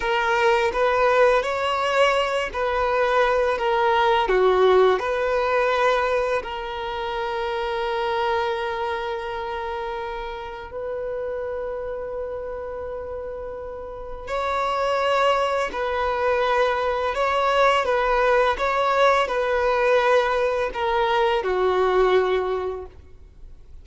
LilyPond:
\new Staff \with { instrumentName = "violin" } { \time 4/4 \tempo 4 = 84 ais'4 b'4 cis''4. b'8~ | b'4 ais'4 fis'4 b'4~ | b'4 ais'2.~ | ais'2. b'4~ |
b'1 | cis''2 b'2 | cis''4 b'4 cis''4 b'4~ | b'4 ais'4 fis'2 | }